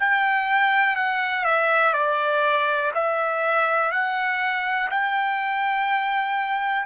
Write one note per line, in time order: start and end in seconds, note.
0.00 0.96 G5
0.96 1.45 F#5
1.45 1.94 E5
1.94 2.92 D5
2.95 3.92 E5
3.92 4.90 F#5
4.91 6.86 G5